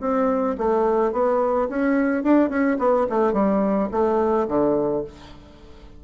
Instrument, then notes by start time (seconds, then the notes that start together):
bassoon
0.00 C4
0.58 A3
1.12 B3
1.68 C#4
2.23 D4
2.49 C#4
2.78 B3
3.09 A3
3.32 G3
3.91 A3
4.47 D3